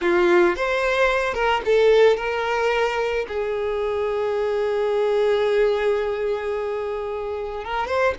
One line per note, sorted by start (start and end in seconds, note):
0.01 0.56 F4
0.56 1.34 C5
1.34 1.61 A#4
1.65 2.16 A4
2.16 3.26 A#4
3.28 7.64 G#4
7.64 7.87 A#4
7.87 8.14 C5